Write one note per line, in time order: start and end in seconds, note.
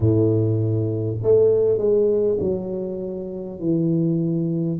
0.00 1.17 A2
1.23 1.78 A3
1.78 2.38 G#3
2.39 3.59 F#3
3.59 4.79 E3